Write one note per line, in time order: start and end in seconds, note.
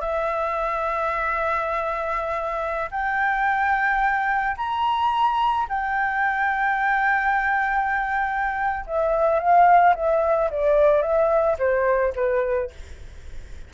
0.00 2.89 E5
2.91 4.56 G5
4.57 5.67 A#5
5.68 8.85 G5
8.86 9.39 E5
9.39 9.94 F5
9.95 10.50 E5
10.50 11.01 D5
11.01 11.56 E5
11.58 12.13 C5
12.15 12.70 B4